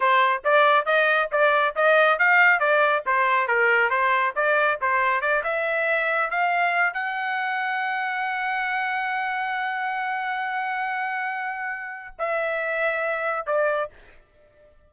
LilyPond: \new Staff \with { instrumentName = "trumpet" } { \time 4/4 \tempo 4 = 138 c''4 d''4 dis''4 d''4 | dis''4 f''4 d''4 c''4 | ais'4 c''4 d''4 c''4 | d''8 e''2 f''4. |
fis''1~ | fis''1~ | fis''1 | e''2. d''4 | }